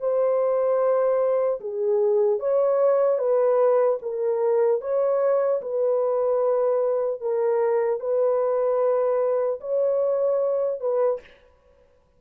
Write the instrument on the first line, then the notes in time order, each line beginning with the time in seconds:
horn
0.00 C5
1.60 G#4
2.40 C#5
3.18 B4
4.02 A#4
4.81 C#5
5.62 B4
7.21 A#4
8.00 B4
9.60 C#5
10.80 B4